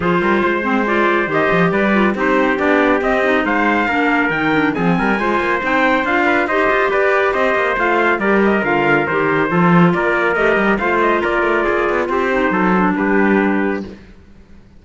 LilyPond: <<
  \new Staff \with { instrumentName = "trumpet" } { \time 4/4 \tempo 4 = 139 c''2 d''4 dis''4 | d''4 c''4 d''4 dis''4 | f''2 g''4 gis''4~ | gis''4 g''4 f''4 dis''4 |
d''4 dis''4 f''4 d''8 dis''8 | f''4 c''2 d''4 | dis''4 f''8 dis''8 d''2 | c''2 b'2 | }
  \new Staff \with { instrumentName = "trumpet" } { \time 4/4 gis'8 ais'8 c''2. | b'4 g'2. | c''4 ais'2 gis'8 ais'8 | c''2~ c''8 b'8 c''4 |
b'4 c''2 ais'4~ | ais'2 a'4 ais'4~ | ais'4 c''4 ais'4 gis'4 | g'4 a'4 g'2 | }
  \new Staff \with { instrumentName = "clarinet" } { \time 4/4 f'4. c'8 f'4 g'4~ | g'8 f'8 dis'4 d'4 c'8 dis'8~ | dis'4 d'4 dis'8 d'8 c'4 | f'4 dis'4 f'4 g'4~ |
g'2 f'4 g'4 | f'4 g'4 f'2 | g'4 f'2.~ | f'8 dis'4 d'2~ d'8 | }
  \new Staff \with { instrumentName = "cello" } { \time 4/4 f8 g8 gis2 dis8 f8 | g4 c'4 b4 c'4 | gis4 ais4 dis4 f8 g8 | gis8 ais8 c'4 d'4 dis'8 f'8 |
g'4 c'8 ais8 a4 g4 | d4 dis4 f4 ais4 | a8 g8 a4 ais8 a8 ais8 b8 | c'4 fis4 g2 | }
>>